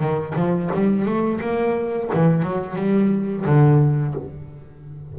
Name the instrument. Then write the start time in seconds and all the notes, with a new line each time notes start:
double bass
0.00 D#3
0.36 F3
0.74 G3
1.06 A3
1.41 A#3
2.14 E3
2.43 F#3
2.76 G3
3.46 D3